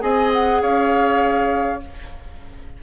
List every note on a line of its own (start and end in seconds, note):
0.00 0.62 C4
0.00 1.80 G#4
0.00 0.62 D#5
0.00 0.32 G#5
0.33 0.62 F#5
0.62 1.82 C#4
0.62 1.82 C#5
0.62 1.82 F5